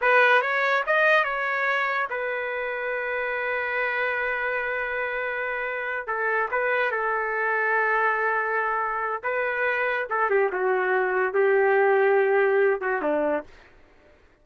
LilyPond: \new Staff \with { instrumentName = "trumpet" } { \time 4/4 \tempo 4 = 143 b'4 cis''4 dis''4 cis''4~ | cis''4 b'2.~ | b'1~ | b'2~ b'8 a'4 b'8~ |
b'8 a'2.~ a'8~ | a'2 b'2 | a'8 g'8 fis'2 g'4~ | g'2~ g'8 fis'8 d'4 | }